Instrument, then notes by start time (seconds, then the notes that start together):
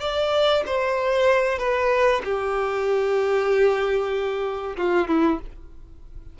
violin
0.00 D5
0.66 C5
1.58 B4
2.24 G4
4.77 F4
5.08 E4